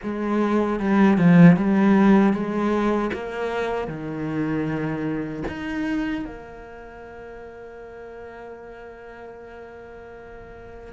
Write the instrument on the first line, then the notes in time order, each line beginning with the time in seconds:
cello
0.03 G#3
0.79 G3
1.17 F3
1.56 G3
2.33 G#3
3.13 A#3
3.87 D#3
5.48 D#4
6.25 A#3